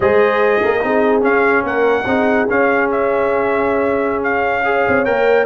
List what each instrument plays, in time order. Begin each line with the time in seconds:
0.00 tuba G#3, trombone G#4, horn C5, trumpet D#5
0.62 tuba A#3, horn A#4
0.81 tuba C4, trombone D#4, horn G#4
1.21 trombone C#4, tuba C#4, trumpet F5
1.63 tuba A#3, horn A#4, trumpet F#5
2.06 tuba C4, trombone D#4, horn G#4
2.47 trombone C#4, tuba C#4, trumpet F5
2.91 trumpet E5
4.23 trumpet F5
4.64 trombone G#4, horn C#5
4.87 tuba C4
5.04 tuba A#3, trombone A#4, trumpet G5